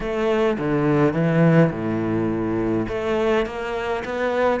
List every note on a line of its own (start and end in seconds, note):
0.00 0.57 A3
0.58 1.13 D3
1.13 1.70 E3
1.71 2.87 A2
2.88 3.46 A3
3.46 4.03 A#3
4.04 4.60 B3